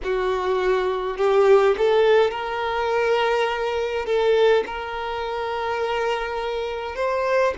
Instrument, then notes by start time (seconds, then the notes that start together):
violin
0.03 F#4
1.17 G4
1.77 A4
2.30 A#4
4.05 A4
4.66 A#4
6.95 C5